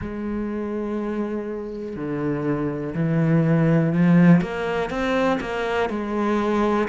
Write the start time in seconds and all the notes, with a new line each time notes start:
0.01 G#3
1.95 D3
2.94 E3
3.92 F3
4.41 A#3
4.90 C4
5.40 A#3
5.89 G#3